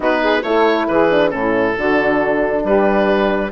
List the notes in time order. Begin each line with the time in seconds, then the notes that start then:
0.00 B3 D#4 F#4 B4
0.22 G#4
0.42 A3 E4 A4 C#5
0.87 E3 G#4 B4
1.10 D4
1.29 A2 C#4 A4
1.36 E4
1.77 D3 D4 F#4
2.63 G3 G4 B4